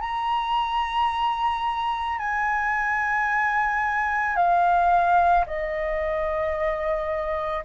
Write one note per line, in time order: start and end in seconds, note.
0.00 2.18 A#5
2.18 4.36 G#5
4.36 5.45 F5
5.46 7.65 D#5